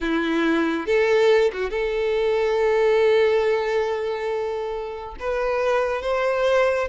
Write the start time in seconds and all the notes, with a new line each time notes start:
0.00 E4
0.86 A4
1.52 F#4
1.70 A4
5.19 B4
6.02 C5